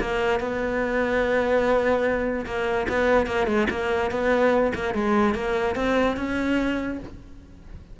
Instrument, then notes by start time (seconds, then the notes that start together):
cello
0.00 A#3
0.40 B3
2.46 A#3
2.89 B3
3.27 A#3
3.47 G#3
3.70 A#3
4.11 B3
4.75 A#3
4.94 G#3
5.34 A#3
5.76 C4
6.17 C#4